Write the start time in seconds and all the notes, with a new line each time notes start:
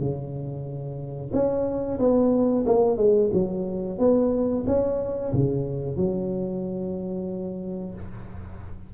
0.00 C#3
1.33 C#4
1.99 B3
2.67 A#3
2.97 G#3
3.33 F#3
3.99 B3
4.67 C#4
5.33 C#3
5.97 F#3